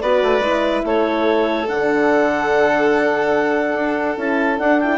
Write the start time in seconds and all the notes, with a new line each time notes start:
0.00 B3 F#4 B4 D5
0.23 A3
0.40 G#3 E4
0.84 A3 A4 C#5
1.68 D3 D4 F#5
3.74 D4
4.17 C#4 E4 A5
4.58 D4 F#5
4.80 E4 G5